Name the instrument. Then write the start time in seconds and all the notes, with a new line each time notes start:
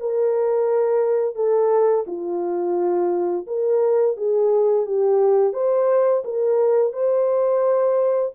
horn
0.00 A#4
1.35 A4
2.07 F4
3.47 A#4
4.17 G#4
4.86 G4
5.53 C5
6.24 A#4
6.93 C5